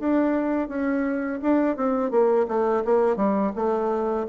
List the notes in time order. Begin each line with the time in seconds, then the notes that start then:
0.00 D4
0.69 C#4
1.42 D4
1.77 C4
2.11 A#3
2.48 A3
2.85 A#3
3.17 G3
3.56 A3